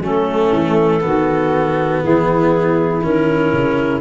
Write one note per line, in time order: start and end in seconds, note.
0.00 0.50 F#3
0.00 1.01 A3
0.00 1.01 C#4
0.00 2.03 A4
0.52 1.02 E3
1.01 2.03 D#3
1.01 3.01 B3
1.01 2.02 F#4
2.02 3.02 E3
2.02 4.01 E4
2.02 3.03 G#4
3.02 3.52 D#3
3.02 4.01 C#4
3.02 4.01 A#4
3.52 4.01 C#3